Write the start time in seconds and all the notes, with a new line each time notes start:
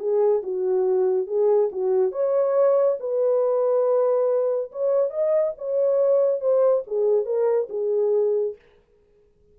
0.00 G#4
0.43 F#4
1.28 G#4
1.72 F#4
2.12 C#5
3.00 B4
4.72 C#5
5.11 D#5
5.59 C#5
6.41 C5
6.87 G#4
7.26 A#4
7.70 G#4